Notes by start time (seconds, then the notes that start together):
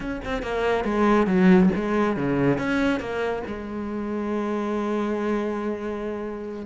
0.00 C#4
0.24 C4
0.42 A#3
0.84 G#3
1.26 F#3
1.75 G#3
2.16 C#3
2.58 C#4
2.99 A#3
3.47 G#3